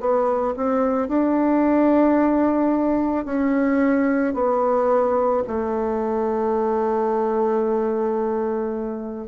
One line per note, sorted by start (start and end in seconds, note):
0.00 0.55 B3
0.57 1.09 C4
1.09 3.25 D4
3.25 4.34 C#4
4.34 5.43 B3
5.47 9.28 A3